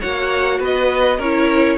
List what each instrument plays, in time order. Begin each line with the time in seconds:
0.00 cello A#3, viola F#4, violin C#5 F#5
0.59 cello B3, violin B4 D#5
1.17 cello C#4, viola E4, violin A#4 C#5